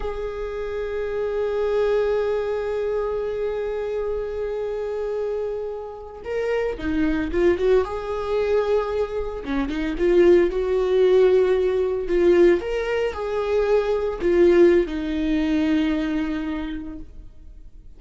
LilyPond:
\new Staff \with { instrumentName = "viola" } { \time 4/4 \tempo 4 = 113 gis'1~ | gis'1~ | gis'2.~ gis'8. ais'16~ | ais'8. dis'4 f'8 fis'8 gis'4~ gis'16~ |
gis'4.~ gis'16 cis'8 dis'8 f'4 fis'16~ | fis'2~ fis'8. f'4 ais'16~ | ais'8. gis'2 f'4~ f'16 | dis'1 | }